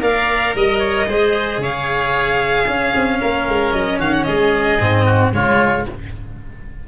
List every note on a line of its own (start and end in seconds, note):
0.00 0.54 A#3
0.00 1.06 A#4
0.00 0.55 D5
0.00 0.56 F5
0.55 1.07 G3
0.55 0.79 D#5
0.55 1.62 D#5
0.79 1.05 C#5
1.07 1.58 G#3
1.07 2.66 G#4
1.07 1.61 C5
1.58 2.64 C#3
1.58 2.65 C#5
1.58 3.72 F5
2.65 4.79 C#4
2.65 2.93 C#4
2.65 3.18 G#4
2.95 3.22 C4
3.21 3.48 A#3
3.21 3.99 A#4
3.48 3.73 G#3
3.72 3.99 F#3
3.72 3.99 D#5
3.99 4.26 D#3
3.99 4.26 F#4
3.99 4.13 F5
4.13 4.23 F#5
4.23 4.80 G#3
4.23 5.05 G#4
4.23 5.30 D#5
4.80 5.33 G#2
4.80 5.32 C4
5.05 5.32 F#4
5.32 5.87 C#3
5.32 5.85 G#3
5.32 5.88 F4
5.32 5.87 C#5